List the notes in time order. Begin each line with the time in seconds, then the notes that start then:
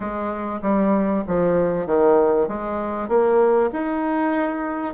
0.00 G#3
0.62 G3
1.27 F3
1.86 D#3
2.48 G#3
3.08 A#3
3.73 D#4